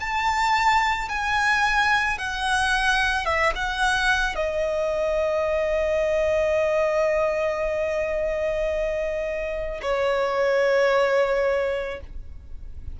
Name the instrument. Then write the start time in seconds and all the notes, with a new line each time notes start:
violin
0.00 A5
1.09 G#5
2.18 F#5
3.25 E5
3.55 F#5
4.35 D#5
9.82 C#5